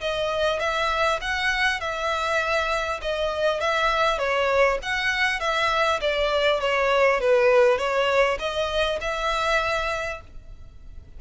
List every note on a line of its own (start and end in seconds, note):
0.00 0.59 D#5
0.59 1.19 E5
1.21 1.80 F#5
1.80 3.00 E5
3.01 3.60 D#5
3.60 4.18 E5
4.18 4.78 C#5
4.82 5.39 F#5
5.39 5.99 E5
6.00 6.60 D5
6.60 7.20 C#5
7.20 7.78 B4
7.78 8.38 C#5
8.39 8.99 D#5
9.00 10.20 E5